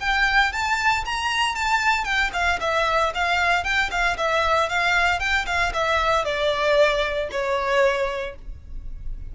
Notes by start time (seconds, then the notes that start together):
0.00 G5
0.52 A5
1.05 A#5
1.55 A5
2.04 G5
2.33 F5
2.60 E5
3.14 F5
3.64 G5
3.91 F5
4.17 E5
4.69 F5
5.19 G5
5.46 F5
5.74 E5
6.25 D5
7.31 C#5